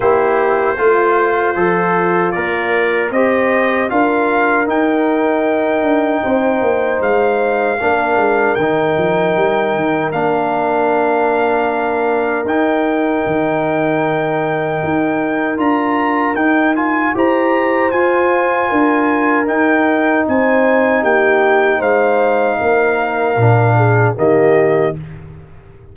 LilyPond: <<
  \new Staff \with { instrumentName = "trumpet" } { \time 4/4 \tempo 4 = 77 c''2. d''4 | dis''4 f''4 g''2~ | g''4 f''2 g''4~ | g''4 f''2. |
g''1 | ais''4 g''8 gis''8 ais''4 gis''4~ | gis''4 g''4 gis''4 g''4 | f''2. dis''4 | }
  \new Staff \with { instrumentName = "horn" } { \time 4/4 g'4 f'2. | c''4 ais'2. | c''2 ais'2~ | ais'1~ |
ais'1~ | ais'2 c''2 | ais'2 c''4 g'4 | c''4 ais'4. gis'8 g'4 | }
  \new Staff \with { instrumentName = "trombone" } { \time 4/4 e'4 f'4 a'4 ais'4 | g'4 f'4 dis'2~ | dis'2 d'4 dis'4~ | dis'4 d'2. |
dis'1 | f'4 dis'8 f'8 g'4 f'4~ | f'4 dis'2.~ | dis'2 d'4 ais4 | }
  \new Staff \with { instrumentName = "tuba" } { \time 4/4 ais4 a4 f4 ais4 | c'4 d'4 dis'4. d'8 | c'8 ais8 gis4 ais8 gis8 dis8 f8 | g8 dis8 ais2. |
dis'4 dis2 dis'4 | d'4 dis'4 e'4 f'4 | d'4 dis'4 c'4 ais4 | gis4 ais4 ais,4 dis4 | }
>>